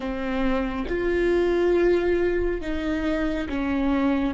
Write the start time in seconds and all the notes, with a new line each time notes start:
0.00 C4
0.88 F4
2.61 D#4
3.48 C#4